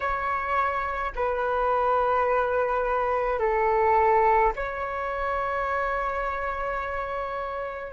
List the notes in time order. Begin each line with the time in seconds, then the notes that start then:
0.00 C#5
1.15 B4
3.39 A4
4.55 C#5